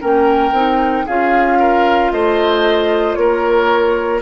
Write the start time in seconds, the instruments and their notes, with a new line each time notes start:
0.00 bassoon A#3, clarinet C#4, oboe A#4, flute G5
0.52 bassoon C4, clarinet D#4
1.05 bassoon C#4, clarinet F4, oboe G#4, flute F5
1.59 oboe A#4
2.11 bassoon A3, oboe C5, flute D#5
3.14 bassoon A#3, oboe A#4, flute C#5